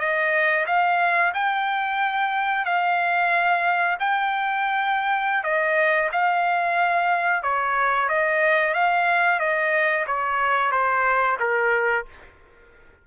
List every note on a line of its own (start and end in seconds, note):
0.00 0.66 D#5
0.67 1.33 F5
1.34 2.66 G5
2.66 3.97 F5
4.00 5.44 G5
5.44 6.10 D#5
6.12 7.43 F5
7.43 8.09 C#5
8.09 8.74 D#5
8.74 9.40 F5
9.40 10.06 D#5
10.07 10.72 C#5
10.72 11.38 C5
11.40 12.06 A#4